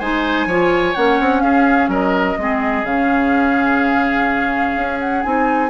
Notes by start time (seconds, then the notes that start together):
0.00 G#3 D#4 C5 G#5
0.46 F3 F4 C#5
0.95 A#3 C#4 F#5
1.20 C4
1.41 C#4 G#4 F5
1.88 F#3 A#4 D#5
2.38 G#3 C4 G#4
2.84 C#3 C#4 F5
4.77 C#4
5.00 F#5
5.23 C4 D#4 G#5